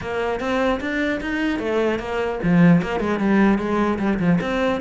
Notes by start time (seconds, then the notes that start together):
0.01 A#3
0.39 C4
0.80 D4
1.20 D#4
1.59 A3
1.99 A#3
2.43 F3
2.82 A#3
2.99 G#3
3.19 G3
3.58 G#3
3.98 G3
4.19 F3
4.41 C4